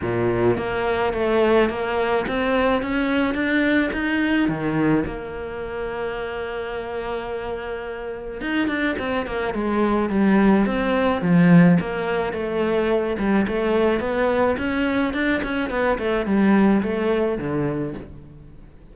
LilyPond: \new Staff \with { instrumentName = "cello" } { \time 4/4 \tempo 4 = 107 ais,4 ais4 a4 ais4 | c'4 cis'4 d'4 dis'4 | dis4 ais2.~ | ais2. dis'8 d'8 |
c'8 ais8 gis4 g4 c'4 | f4 ais4 a4. g8 | a4 b4 cis'4 d'8 cis'8 | b8 a8 g4 a4 d4 | }